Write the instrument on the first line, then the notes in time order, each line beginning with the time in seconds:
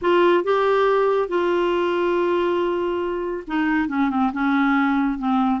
clarinet
0.01 F4
0.44 G4
1.28 F4
3.47 D#4
3.88 C#4
4.09 C4
4.32 C#4
5.18 C4